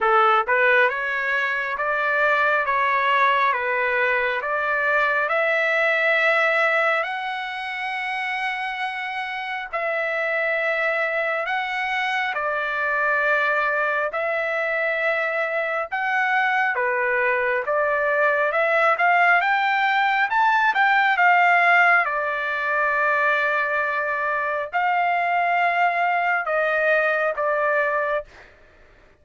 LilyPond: \new Staff \with { instrumentName = "trumpet" } { \time 4/4 \tempo 4 = 68 a'8 b'8 cis''4 d''4 cis''4 | b'4 d''4 e''2 | fis''2. e''4~ | e''4 fis''4 d''2 |
e''2 fis''4 b'4 | d''4 e''8 f''8 g''4 a''8 g''8 | f''4 d''2. | f''2 dis''4 d''4 | }